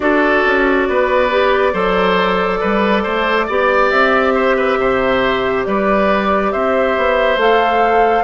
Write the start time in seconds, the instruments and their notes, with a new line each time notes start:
0.00 bassoon D4, clarinet F#4, oboe A4, flute D5
0.45 bassoon C#4
0.88 bassoon B3, oboe B4
1.30 clarinet G4
1.72 bassoon F#3, clarinet A4, oboe C5
2.60 bassoon G3, oboe B4
3.03 bassoon A3, oboe C5
3.47 bassoon B3, clarinet G4, oboe D5
3.90 bassoon C4, flute E5
4.34 oboe C5
4.56 oboe B4
4.78 bassoon C3, oboe C5
5.64 bassoon G3, oboe B4, flute D5
6.52 bassoon C4, oboe C5, flute E5
6.97 bassoon B3
7.36 bassoon A3, clarinet A4, flute F5